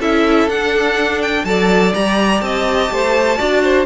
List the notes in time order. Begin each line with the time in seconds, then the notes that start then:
0.00 C#4 E4 A4 E5
0.49 D4 F#5
1.22 G5
1.45 F#3 A4 D5 A5
1.93 G3 G4 A#5
2.41 C4 D#5 A5
2.91 A3 C5
3.38 D4 F#4 D5
3.63 C5